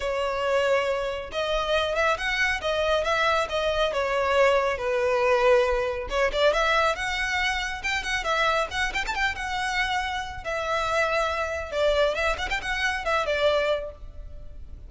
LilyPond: \new Staff \with { instrumentName = "violin" } { \time 4/4 \tempo 4 = 138 cis''2. dis''4~ | dis''8 e''8 fis''4 dis''4 e''4 | dis''4 cis''2 b'4~ | b'2 cis''8 d''8 e''4 |
fis''2 g''8 fis''8 e''4 | fis''8 g''16 a''16 g''8 fis''2~ fis''8 | e''2. d''4 | e''8 fis''16 g''16 fis''4 e''8 d''4. | }